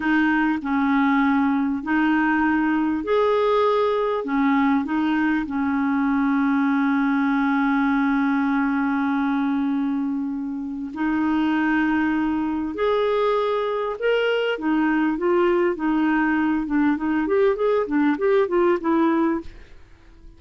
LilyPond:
\new Staff \with { instrumentName = "clarinet" } { \time 4/4 \tempo 4 = 99 dis'4 cis'2 dis'4~ | dis'4 gis'2 cis'4 | dis'4 cis'2.~ | cis'1~ |
cis'2 dis'2~ | dis'4 gis'2 ais'4 | dis'4 f'4 dis'4. d'8 | dis'8 g'8 gis'8 d'8 g'8 f'8 e'4 | }